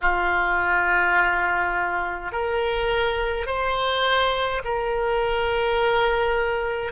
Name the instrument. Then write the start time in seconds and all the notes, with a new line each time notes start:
oboe
0.01 F4
2.31 A#4
3.46 C5
4.64 A#4